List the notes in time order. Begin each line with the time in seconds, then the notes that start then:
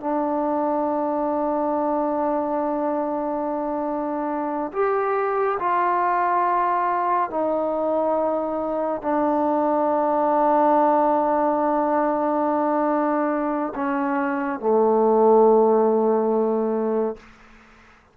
0.00 D4
4.72 G4
5.59 F4
7.30 D#4
9.02 D4
13.75 C#4
14.59 A3